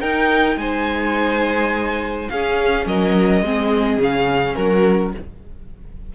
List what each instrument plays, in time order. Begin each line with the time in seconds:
0.00 viola D#4, cello D#4, violin A#4 G5
0.57 cello G#3, violin C5 G#5
2.29 cello C#4, viola C#4, violin G#4 F5
2.86 cello F#3, violin A#4 D#5
3.42 cello G#3, viola C4, violin G#4
3.97 cello C#3, viola C#4, violin F5
4.55 cello F#3, violin F#4 A#4